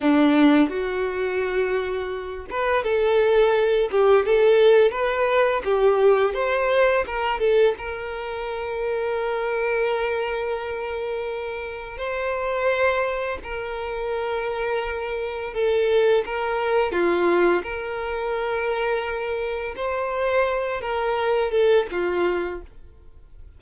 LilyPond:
\new Staff \with { instrumentName = "violin" } { \time 4/4 \tempo 4 = 85 d'4 fis'2~ fis'8 b'8 | a'4. g'8 a'4 b'4 | g'4 c''4 ais'8 a'8 ais'4~ | ais'1~ |
ais'4 c''2 ais'4~ | ais'2 a'4 ais'4 | f'4 ais'2. | c''4. ais'4 a'8 f'4 | }